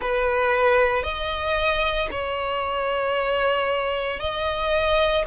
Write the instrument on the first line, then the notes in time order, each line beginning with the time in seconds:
violin
0.00 B4
1.03 D#5
2.11 C#5
4.19 D#5